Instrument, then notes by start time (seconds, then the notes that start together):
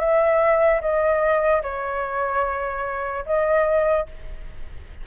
flute
0.00 E5
0.81 D#5
1.63 C#5
3.26 D#5